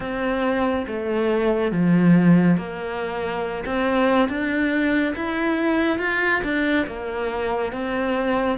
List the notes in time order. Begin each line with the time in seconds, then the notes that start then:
0.00 C4
0.86 A3
1.71 F3
2.57 A#3
3.65 C4
4.28 D4
5.15 E4
5.98 F4
6.43 D4
6.86 A#3
7.72 C4